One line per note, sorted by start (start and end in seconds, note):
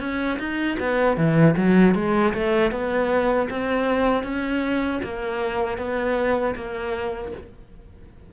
0.00 0.38 C#4
0.39 0.78 D#4
0.80 1.17 B3
1.17 1.56 E3
1.57 1.95 F#3
1.95 2.34 G#3
2.34 2.72 A3
2.72 3.49 B3
3.50 4.24 C4
4.24 5.01 C#4
5.03 5.78 A#3
5.78 6.55 B3
6.56 7.33 A#3